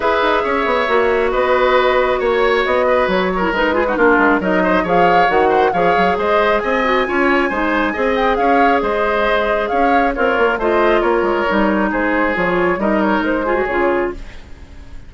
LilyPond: <<
  \new Staff \with { instrumentName = "flute" } { \time 4/4 \tempo 4 = 136 e''2. dis''4~ | dis''4 cis''4 dis''4 cis''4 | b'4 ais'4 dis''4 f''4 | fis''4 f''4 dis''4 gis''4~ |
gis''2~ gis''8 g''8 f''4 | dis''2 f''4 cis''4 | dis''4 cis''2 c''4 | cis''4 dis''8 cis''8 c''4 cis''4 | }
  \new Staff \with { instrumentName = "oboe" } { \time 4/4 b'4 cis''2 b'4~ | b'4 cis''4. b'4 ais'8~ | ais'8 gis'16 fis'16 f'4 ais'8 c''8 cis''4~ | cis''8 c''8 cis''4 c''4 dis''4 |
cis''4 c''4 dis''4 cis''4 | c''2 cis''4 f'4 | c''4 ais'2 gis'4~ | gis'4 ais'4. gis'4. | }
  \new Staff \with { instrumentName = "clarinet" } { \time 4/4 gis'2 fis'2~ | fis'2.~ fis'8. e'16 | dis'8 f'16 dis'16 d'4 dis'4 gis'4 | fis'4 gis'2~ gis'8 fis'8 |
f'4 dis'4 gis'2~ | gis'2. ais'4 | f'2 dis'2 | f'4 dis'4. f'16 fis'16 f'4 | }
  \new Staff \with { instrumentName = "bassoon" } { \time 4/4 e'8 dis'8 cis'8 b8 ais4 b4~ | b4 ais4 b4 fis4 | gis4 ais8 gis8 fis4 f4 | dis4 f8 fis8 gis4 c'4 |
cis'4 gis4 c'4 cis'4 | gis2 cis'4 c'8 ais8 | a4 ais8 gis8 g4 gis4 | f4 g4 gis4 cis4 | }
>>